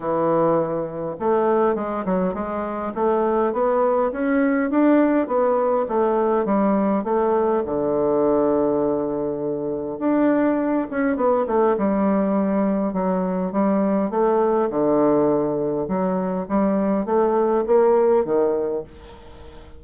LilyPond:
\new Staff \with { instrumentName = "bassoon" } { \time 4/4 \tempo 4 = 102 e2 a4 gis8 fis8 | gis4 a4 b4 cis'4 | d'4 b4 a4 g4 | a4 d2.~ |
d4 d'4. cis'8 b8 a8 | g2 fis4 g4 | a4 d2 fis4 | g4 a4 ais4 dis4 | }